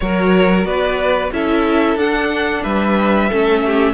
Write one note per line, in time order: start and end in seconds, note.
0.00 0.65 F#3
0.00 1.32 F#4
0.00 0.66 A#4
0.00 0.65 C#5
0.65 1.30 B3
0.65 1.32 B4
0.65 1.31 D5
1.32 1.95 C#4
1.32 1.98 E4
1.32 2.63 A4
1.32 1.98 E5
1.95 2.61 D4
1.95 3.30 D4
1.95 2.63 F#5
2.63 3.30 G3
2.63 3.29 B4
2.63 3.93 E5
3.29 3.93 A3
3.29 3.93 C#4
3.29 3.62 A4
3.65 3.93 G4